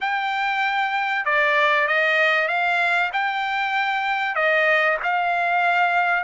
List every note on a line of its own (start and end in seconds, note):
0.00 1.25 G5
1.25 1.88 D5
1.88 2.48 D#5
2.48 3.10 F5
3.12 4.35 G5
4.35 4.97 D#5
5.03 6.23 F5